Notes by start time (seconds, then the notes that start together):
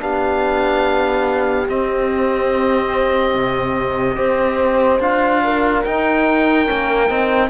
0.00 B3 D4 G4 F5
1.67 C4 D#5
3.35 C3
4.15 C4 G4 C5
5.00 D4 F4 F5
5.44 A#4
5.84 D#4 G5
6.66 A#3 C#4
7.10 C4 D#4